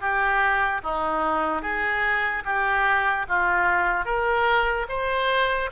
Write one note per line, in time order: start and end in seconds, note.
0.00 0.81 G4
0.83 1.62 D#4
1.62 2.43 G#4
2.45 3.26 G4
3.28 4.05 F4
4.05 4.86 A#4
4.89 5.70 C5